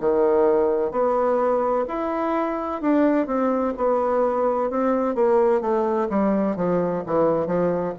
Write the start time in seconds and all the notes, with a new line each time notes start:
0.00 D#3
0.91 B3
1.87 E4
2.81 D4
3.26 C4
3.77 B3
4.70 C4
5.15 A#3
5.61 A3
6.09 G3
6.56 F3
7.06 E3
7.47 F3